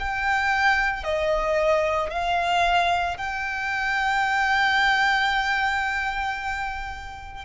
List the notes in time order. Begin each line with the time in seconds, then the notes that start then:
0.00 G5
1.04 D#5
2.10 F5
3.18 G5